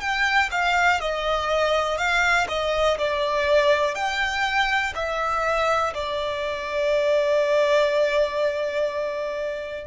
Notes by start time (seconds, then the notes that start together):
0.00 G5
0.51 F5
1.00 D#5
1.97 F5
2.48 D#5
2.98 D5
3.95 G5
4.95 E5
5.94 D5